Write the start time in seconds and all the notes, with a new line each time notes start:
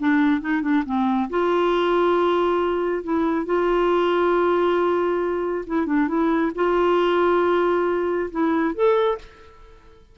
0.00 D4
0.41 D#4
0.62 D4
0.86 C4
1.30 F4
3.03 E4
3.46 F4
5.67 E4
5.86 D4
6.08 E4
6.55 F4
8.31 E4
8.75 A4